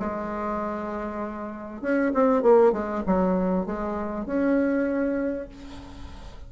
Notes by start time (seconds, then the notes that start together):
0.00 G#3
1.82 C#4
2.15 C4
2.43 A#3
2.73 G#3
3.07 F#3
3.67 G#3
4.26 C#4